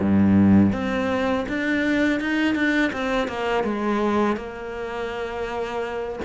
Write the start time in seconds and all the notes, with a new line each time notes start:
0.00 G2
0.73 C4
1.48 D4
2.20 D#4
2.55 D4
2.92 C4
3.27 A#3
3.64 G#3
4.36 A#3